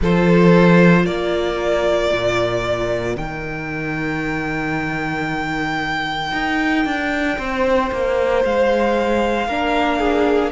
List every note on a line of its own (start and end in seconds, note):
0.01 1.06 F3
0.01 3.16 F4
0.01 1.02 A4
0.01 1.05 C5
1.02 2.11 A#3
1.02 7.33 A#4
1.02 3.16 D5
2.11 3.16 A#2
3.16 6.32 D#3
3.16 9.48 D#4
3.16 8.43 G5
6.32 6.85 D#4
6.85 7.37 D4
7.38 7.91 C4
7.38 9.47 C5
7.91 8.44 A#3
8.44 9.47 G#3
8.44 10.52 F5
9.47 10.52 A#3
9.47 10.52 D4
9.47 9.99 A#4
9.99 10.52 G#4